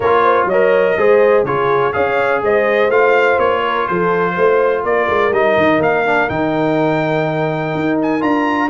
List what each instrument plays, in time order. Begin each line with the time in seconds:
0.00 tuba A#3, trombone F4, horn A#4, trumpet C#5
0.22 horn C5
0.45 tuba F#3, horn C#5, trumpet D#5
0.52 trombone A#4
0.97 tuba G#3, trombone G#4, horn C5
1.43 tuba C#3, trombone F4, horn G#4, trumpet C#5
1.92 tuba C#4, trombone G#4, horn C#5, trumpet F5
2.41 tuba G#3, horn C5, trumpet D#5
2.89 tuba A3, trombone F4, trumpet F5
3.38 tuba A#3, trumpet C#5
3.63 horn A#4
3.87 tuba F3, horn A4, trumpet C5
4.33 tuba A3, horn C5
4.83 tuba A#3, horn A#4, trumpet D5
5.08 tuba G#3
5.31 tuba G3, trombone D#4, trumpet D#5
5.56 tuba D#3
5.79 tuba A#3, trumpet F5
6.05 trombone D4
6.28 tuba D#3, trombone D#4, trumpet G5
7.75 tuba D#4
8.02 trumpet G#5
8.20 tuba D4, trombone F4, trumpet A#5